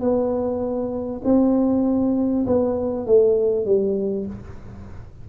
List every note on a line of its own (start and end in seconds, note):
0.00 1.21 B3
1.24 2.45 C4
2.46 3.06 B3
3.06 3.65 A3
3.65 4.26 G3